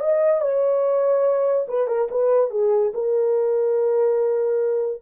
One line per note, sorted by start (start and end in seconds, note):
0.00 0.41 D#5
0.41 1.66 C#5
1.68 1.87 B4
1.87 2.08 A#4
2.11 2.50 B4
2.50 2.92 G#4
2.94 5.02 A#4